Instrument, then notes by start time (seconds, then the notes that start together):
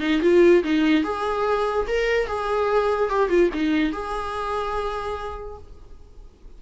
viola
0.00 D#4
0.22 F4
0.63 D#4
1.04 G#4
1.87 A#4
2.27 G#4
3.09 G4
3.29 F4
3.54 D#4
3.92 G#4